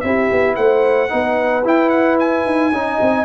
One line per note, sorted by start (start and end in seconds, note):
0.00 0.30 C4
0.00 1.09 E4
0.00 0.56 G4
0.00 0.54 E5
0.31 0.57 B3
0.56 1.11 A3
0.56 1.10 C5
0.56 1.64 F#5
1.09 1.65 B3
1.09 1.63 D#4
1.09 2.74 B4
1.65 2.45 E4
1.65 2.73 E4
1.65 1.89 G5
1.89 2.16 F#5
2.19 3.25 G#5
2.45 2.72 D#4
2.72 2.99 C#4
2.72 3.25 D#4
2.72 3.25 D#5
3.01 3.25 C4